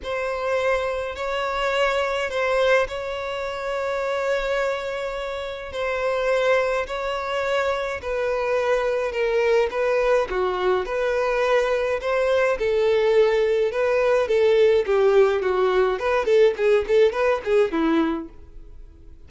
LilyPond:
\new Staff \with { instrumentName = "violin" } { \time 4/4 \tempo 4 = 105 c''2 cis''2 | c''4 cis''2.~ | cis''2 c''2 | cis''2 b'2 |
ais'4 b'4 fis'4 b'4~ | b'4 c''4 a'2 | b'4 a'4 g'4 fis'4 | b'8 a'8 gis'8 a'8 b'8 gis'8 e'4 | }